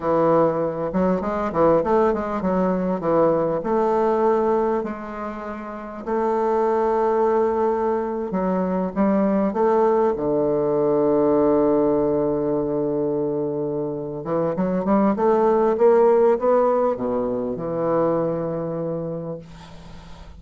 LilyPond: \new Staff \with { instrumentName = "bassoon" } { \time 4/4 \tempo 4 = 99 e4. fis8 gis8 e8 a8 gis8 | fis4 e4 a2 | gis2 a2~ | a4.~ a16 fis4 g4 a16~ |
a8. d2.~ d16~ | d2.~ d8 e8 | fis8 g8 a4 ais4 b4 | b,4 e2. | }